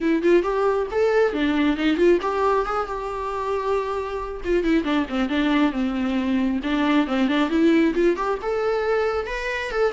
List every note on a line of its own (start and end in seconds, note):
0.00 0.22 E4
0.22 0.43 F4
0.43 0.87 G4
0.91 1.33 A4
1.33 1.76 D4
1.76 1.96 D#4
1.96 2.18 F4
2.21 2.65 G4
2.65 2.87 G#4
2.87 4.41 G4
4.44 4.63 F4
4.63 4.83 E4
4.83 5.06 D4
5.09 5.29 C4
5.29 5.72 D4
5.72 6.60 C4
6.63 7.07 D4
7.07 7.28 C4
7.28 7.49 D4
7.49 7.94 E4
7.94 8.16 F4
8.16 8.38 G4
8.42 9.26 A4
9.26 9.71 B4
9.71 9.92 A4